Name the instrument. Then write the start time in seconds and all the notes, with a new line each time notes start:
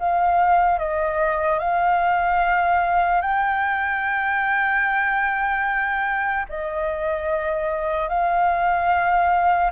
flute
0.00 F5
0.79 D#5
1.60 F5
3.22 G5
6.50 D#5
8.09 F5